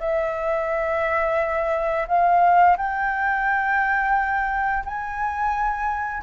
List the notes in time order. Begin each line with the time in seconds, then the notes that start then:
0.00 E5
2.08 F5
2.77 G5
4.85 G#5